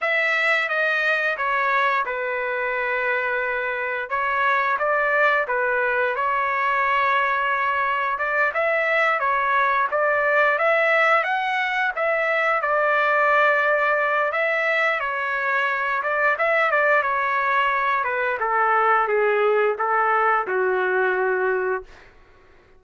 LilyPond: \new Staff \with { instrumentName = "trumpet" } { \time 4/4 \tempo 4 = 88 e''4 dis''4 cis''4 b'4~ | b'2 cis''4 d''4 | b'4 cis''2. | d''8 e''4 cis''4 d''4 e''8~ |
e''8 fis''4 e''4 d''4.~ | d''4 e''4 cis''4. d''8 | e''8 d''8 cis''4. b'8 a'4 | gis'4 a'4 fis'2 | }